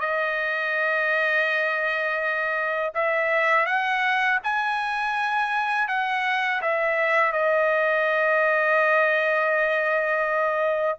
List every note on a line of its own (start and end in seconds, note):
0.00 2.93 D#5
2.94 3.66 E5
3.66 4.39 F#5
4.44 5.88 G#5
5.88 6.61 F#5
6.62 7.33 E5
7.33 10.99 D#5